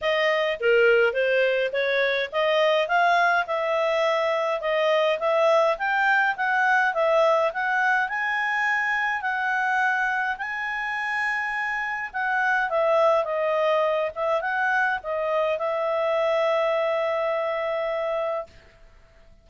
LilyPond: \new Staff \with { instrumentName = "clarinet" } { \time 4/4 \tempo 4 = 104 dis''4 ais'4 c''4 cis''4 | dis''4 f''4 e''2 | dis''4 e''4 g''4 fis''4 | e''4 fis''4 gis''2 |
fis''2 gis''2~ | gis''4 fis''4 e''4 dis''4~ | dis''8 e''8 fis''4 dis''4 e''4~ | e''1 | }